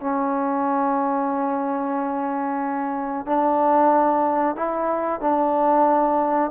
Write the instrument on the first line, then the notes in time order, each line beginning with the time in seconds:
trombone
0.00 C#4
3.26 D4
4.55 E4
5.20 D4